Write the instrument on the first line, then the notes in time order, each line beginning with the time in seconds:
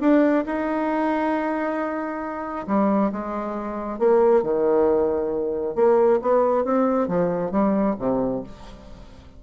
bassoon
0.00 D4
0.46 D#4
2.67 G3
3.12 G#3
3.98 A#3
4.43 D#3
5.75 A#3
6.21 B3
6.64 C4
7.08 F3
7.51 G3
7.99 C3